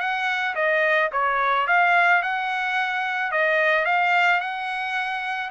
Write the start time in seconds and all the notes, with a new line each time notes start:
0.00 F#5
0.56 D#5
1.12 C#5
1.68 F5
2.23 F#5
3.32 D#5
3.86 F5
4.41 F#5